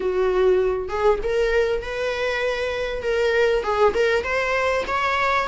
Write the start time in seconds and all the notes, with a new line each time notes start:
0.00 F#4
0.88 G#4
1.23 A#4
1.82 B4
3.02 A#4
3.63 G#4
3.94 A#4
4.23 C5
4.87 C#5